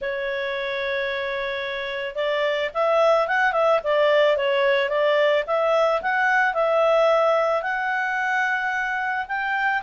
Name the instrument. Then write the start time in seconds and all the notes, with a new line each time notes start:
clarinet
0.01 C#5
2.15 D5
2.73 E5
3.27 F#5
3.52 E5
3.83 D5
4.36 C#5
4.89 D5
5.47 E5
6.01 F#5
6.54 E5
7.62 F#5
9.28 G5